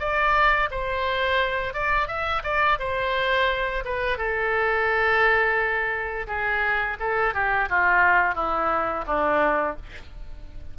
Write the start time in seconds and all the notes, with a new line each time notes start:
0.00 D5
0.71 C5
1.74 D5
2.08 E5
2.44 D5
2.80 C5
3.85 B4
4.18 A4
6.28 G#4
7.00 A4
7.34 G4
7.70 F4
8.35 E4
9.07 D4